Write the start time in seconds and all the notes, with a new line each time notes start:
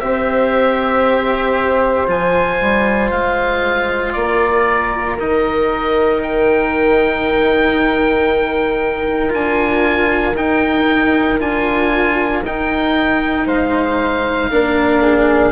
0.00 C4 G4 C5 E5
2.08 F3 F4 G#5
2.61 G3
3.12 G#3 F5
4.13 A#3 D5
4.20 A#4
5.20 D#3 D#4 D#5
6.23 G5
9.30 D4 F4 G#5
10.34 D#4 G5
11.40 D4 F4 G#5
12.43 D#4 G5
13.46 G#3 C5 F5
14.51 A#3 D4 A#4
15.02 G#4